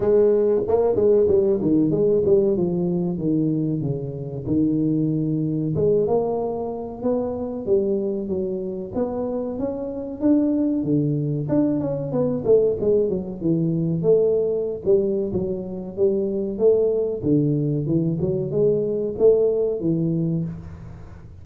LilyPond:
\new Staff \with { instrumentName = "tuba" } { \time 4/4 \tempo 4 = 94 gis4 ais8 gis8 g8 dis8 gis8 g8 | f4 dis4 cis4 dis4~ | dis4 gis8 ais4. b4 | g4 fis4 b4 cis'4 |
d'4 d4 d'8 cis'8 b8 a8 | gis8 fis8 e4 a4~ a16 g8. | fis4 g4 a4 d4 | e8 fis8 gis4 a4 e4 | }